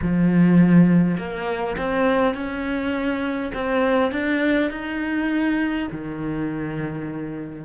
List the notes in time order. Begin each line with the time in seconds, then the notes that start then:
0.02 F3
1.17 A#3
1.77 C4
2.34 C#4
3.53 C4
4.11 D4
4.70 D#4
5.91 D#3